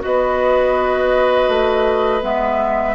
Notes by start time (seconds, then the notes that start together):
0.00 B3 F#4 B4 D#5
1.48 A3
2.22 G#3 B3 E5